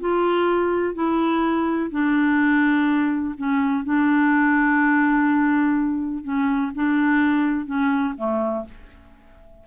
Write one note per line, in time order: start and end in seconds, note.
0.00 0.94 F4
0.94 1.90 E4
1.90 3.34 D4
3.38 3.84 C#4
3.84 6.23 D4
6.23 6.71 C#4
6.75 7.66 D4
7.66 8.14 C#4
8.17 8.65 A3